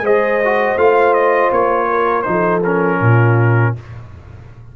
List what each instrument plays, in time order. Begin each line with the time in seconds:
0.00 tuba G#3, trombone G#4, horn C5, trumpet D#5
0.44 trombone F#4
0.76 tuba A3, trombone F4, trumpet F5
1.13 trumpet D#5
1.51 tuba A#3, trumpet C#5
1.89 horn A#4
2.21 tuba F3, trombone D#4, trumpet C5
2.30 horn A4
2.64 trombone C#4, trumpet A#4
2.99 tuba A#2, horn F4